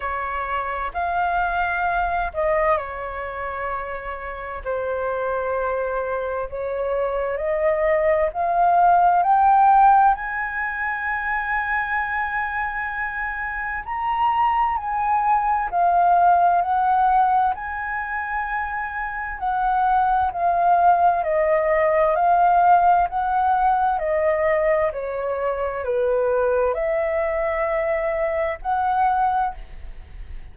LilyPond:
\new Staff \with { instrumentName = "flute" } { \time 4/4 \tempo 4 = 65 cis''4 f''4. dis''8 cis''4~ | cis''4 c''2 cis''4 | dis''4 f''4 g''4 gis''4~ | gis''2. ais''4 |
gis''4 f''4 fis''4 gis''4~ | gis''4 fis''4 f''4 dis''4 | f''4 fis''4 dis''4 cis''4 | b'4 e''2 fis''4 | }